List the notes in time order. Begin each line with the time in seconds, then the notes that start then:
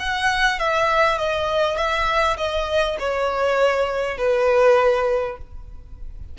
0.00 F#5
0.59 E5
1.18 D#5
1.77 E5
2.38 D#5
2.99 C#5
4.18 B4